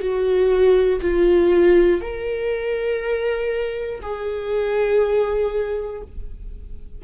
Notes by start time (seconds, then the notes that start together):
0.00 F#4
1.01 F4
2.01 A#4
4.02 G#4